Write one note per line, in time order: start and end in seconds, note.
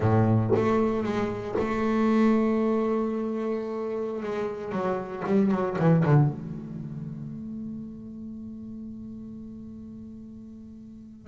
0.00 0.51 A2
0.55 1.03 A3
1.03 1.55 G#3
1.58 4.23 A3
4.23 4.72 G#3
4.72 5.23 F#3
5.26 5.51 G3
5.51 5.76 F#3
5.78 6.04 E3
6.05 6.28 D3
6.28 11.27 A3